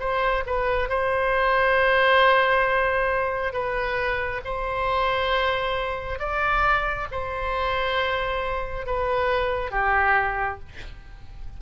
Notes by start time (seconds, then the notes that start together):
0.00 C5
0.47 B4
0.89 C5
3.53 B4
4.45 C5
6.19 D5
7.11 C5
8.86 B4
9.71 G4